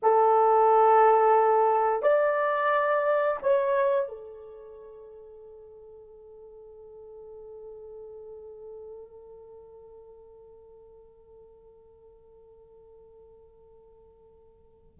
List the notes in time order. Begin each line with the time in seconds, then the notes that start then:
0.02 A4
2.02 D5
3.42 C#5
4.08 A4